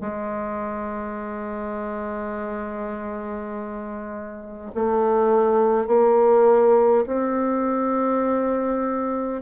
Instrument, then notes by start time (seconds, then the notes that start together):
bassoon
0.00 G#3
4.74 A3
5.87 A#3
7.06 C4